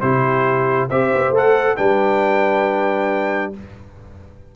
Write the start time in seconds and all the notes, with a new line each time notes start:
0.00 C3 E4 G4 C5
0.89 C4 G4 C5 E5
1.13 B3
1.30 A3 A4
1.36 F#5
1.76 G3 D4 B4 G5